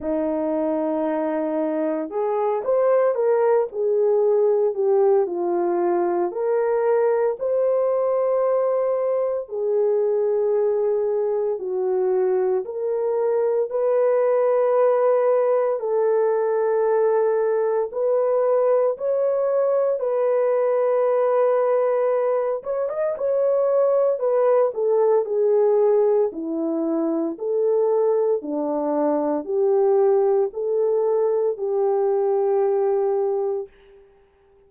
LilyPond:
\new Staff \with { instrumentName = "horn" } { \time 4/4 \tempo 4 = 57 dis'2 gis'8 c''8 ais'8 gis'8~ | gis'8 g'8 f'4 ais'4 c''4~ | c''4 gis'2 fis'4 | ais'4 b'2 a'4~ |
a'4 b'4 cis''4 b'4~ | b'4. cis''16 dis''16 cis''4 b'8 a'8 | gis'4 e'4 a'4 d'4 | g'4 a'4 g'2 | }